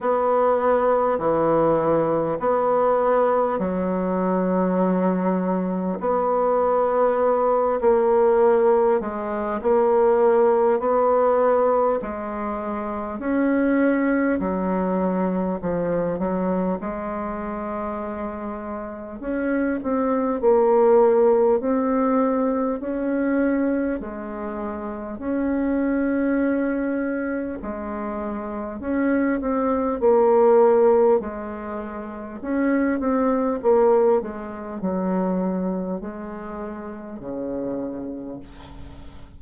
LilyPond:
\new Staff \with { instrumentName = "bassoon" } { \time 4/4 \tempo 4 = 50 b4 e4 b4 fis4~ | fis4 b4. ais4 gis8 | ais4 b4 gis4 cis'4 | fis4 f8 fis8 gis2 |
cis'8 c'8 ais4 c'4 cis'4 | gis4 cis'2 gis4 | cis'8 c'8 ais4 gis4 cis'8 c'8 | ais8 gis8 fis4 gis4 cis4 | }